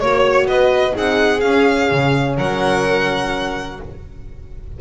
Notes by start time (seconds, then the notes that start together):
0.00 A#3 F#4 C#5
0.46 B3 B4 D#5
0.92 C4 D#4 G#4 F#5
1.40 C#4 F5
1.91 C#3
2.37 F#3 A#4 F#5